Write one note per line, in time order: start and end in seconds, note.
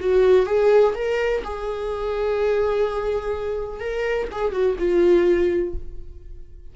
0.00 0.46 F#4
0.46 0.94 G#4
0.95 1.43 A#4
1.44 3.80 G#4
3.80 4.28 A#4
4.32 4.52 G#4
4.52 4.76 F#4
4.78 5.74 F4